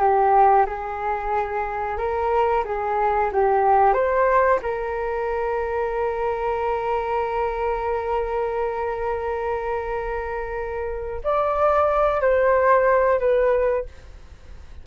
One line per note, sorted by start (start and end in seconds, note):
0.00 0.66 G4
0.66 1.98 G#4
1.98 2.64 A#4
2.65 3.31 G#4
3.32 3.93 G4
3.93 4.59 C5
4.62 11.21 A#4
11.24 12.21 D5
12.21 13.19 C5
13.19 13.85 B4